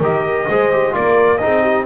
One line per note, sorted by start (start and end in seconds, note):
0.00 0.47 D#3
0.00 0.49 G4
0.00 0.47 A#4
0.00 0.95 D#5
0.48 0.96 G#3
0.48 0.72 G#4
0.48 0.94 C5
0.72 0.92 G4
0.92 1.43 A#3
0.92 1.38 F4
0.92 1.41 A#4
0.92 1.38 D5
1.38 1.86 D#4
1.38 1.62 G#4
1.38 1.84 D#5
1.44 1.86 C4
1.62 1.85 G4